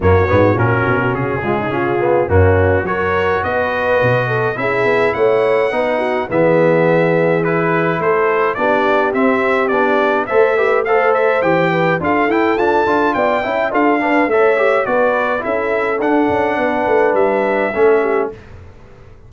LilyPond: <<
  \new Staff \with { instrumentName = "trumpet" } { \time 4/4 \tempo 4 = 105 cis''4 ais'4 gis'2 | fis'4 cis''4 dis''2 | e''4 fis''2 e''4~ | e''4 b'4 c''4 d''4 |
e''4 d''4 e''4 f''8 e''8 | g''4 f''8 g''8 a''4 g''4 | f''4 e''4 d''4 e''4 | fis''2 e''2 | }
  \new Staff \with { instrumentName = "horn" } { \time 4/4 fis'2~ fis'8 f'16 dis'16 f'4 | cis'4 ais'4 b'4. a'8 | gis'4 cis''4 b'8 fis'8 gis'4~ | gis'2 a'4 g'4~ |
g'2 c''8 b'8 c''4~ | c''8 b'8 a'2 d''8 e''8 | a'8 b'8 cis''4 b'4 a'4~ | a'4 b'2 a'8 g'8 | }
  \new Staff \with { instrumentName = "trombone" } { \time 4/4 ais8 b8 cis'4. gis8 cis'8 b8 | ais4 fis'2. | e'2 dis'4 b4~ | b4 e'2 d'4 |
c'4 d'4 a'8 g'8 a'4 | g'4 f'8 e'8 d'8 f'4 e'8 | f'8 d'8 a'8 g'8 fis'4 e'4 | d'2. cis'4 | }
  \new Staff \with { instrumentName = "tuba" } { \time 4/4 fis,8 gis,8 ais,8 b,8 cis2 | fis,4 fis4 b4 b,4 | cis'8 b8 a4 b4 e4~ | e2 a4 b4 |
c'4 b4 a2 | e4 d'8 e'8 f'8 d'8 b8 cis'8 | d'4 a4 b4 cis'4 | d'8 cis'8 b8 a8 g4 a4 | }
>>